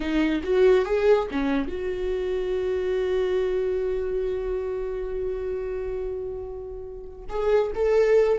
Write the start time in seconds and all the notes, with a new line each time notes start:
0.00 D#4
0.43 F#4
0.85 G#4
1.31 C#4
1.68 F#4
7.29 G#4
7.74 A4